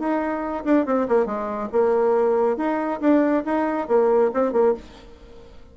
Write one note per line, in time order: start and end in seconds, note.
0.00 0.65 D#4
0.65 0.86 D4
0.86 1.08 C4
1.09 1.26 A#3
1.26 1.69 G#3
1.73 2.58 A#3
2.58 3.01 D#4
3.01 3.45 D4
3.46 3.88 D#4
3.88 4.31 A#3
4.34 4.53 C4
4.53 4.75 A#3